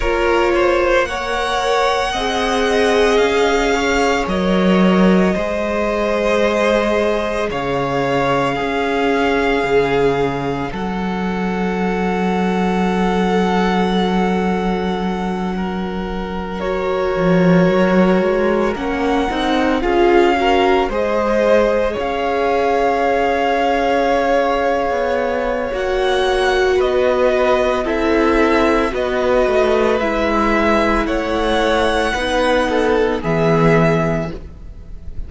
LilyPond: <<
  \new Staff \with { instrumentName = "violin" } { \time 4/4 \tempo 4 = 56 cis''4 fis''2 f''4 | dis''2. f''4~ | f''2 fis''2~ | fis''2.~ fis''8 cis''8~ |
cis''4. fis''4 f''4 dis''8~ | dis''8 f''2.~ f''8 | fis''4 dis''4 e''4 dis''4 | e''4 fis''2 e''4 | }
  \new Staff \with { instrumentName = "violin" } { \time 4/4 ais'8 c''8 cis''4 dis''4. cis''8~ | cis''4 c''2 cis''4 | gis'2 a'2~ | a'2~ a'8 ais'4.~ |
ais'2~ ais'8 gis'8 ais'8 c''8~ | c''8 cis''2.~ cis''8~ | cis''4 b'4 a'4 b'4~ | b'4 cis''4 b'8 a'8 gis'4 | }
  \new Staff \with { instrumentName = "viola" } { \time 4/4 f'4 ais'4 gis'2 | ais'4 gis'2. | cis'1~ | cis'2.~ cis'8 fis'8~ |
fis'4. cis'8 dis'8 f'8 fis'8 gis'8~ | gis'1 | fis'2 e'4 fis'4 | e'2 dis'4 b4 | }
  \new Staff \with { instrumentName = "cello" } { \time 4/4 ais2 c'4 cis'4 | fis4 gis2 cis4 | cis'4 cis4 fis2~ | fis1 |
f8 fis8 gis8 ais8 c'8 cis'4 gis8~ | gis8 cis'2~ cis'8. b8. | ais4 b4 c'4 b8 a8 | gis4 a4 b4 e4 | }
>>